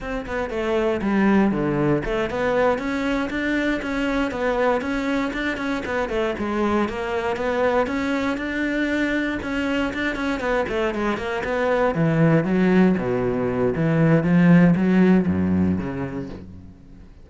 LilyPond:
\new Staff \with { instrumentName = "cello" } { \time 4/4 \tempo 4 = 118 c'8 b8 a4 g4 d4 | a8 b4 cis'4 d'4 cis'8~ | cis'8 b4 cis'4 d'8 cis'8 b8 | a8 gis4 ais4 b4 cis'8~ |
cis'8 d'2 cis'4 d'8 | cis'8 b8 a8 gis8 ais8 b4 e8~ | e8 fis4 b,4. e4 | f4 fis4 fis,4 cis4 | }